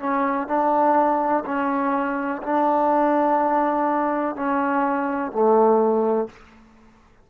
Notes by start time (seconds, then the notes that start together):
0.00 C#4
0.48 D4
1.46 C#4
2.43 D4
4.36 C#4
5.33 A3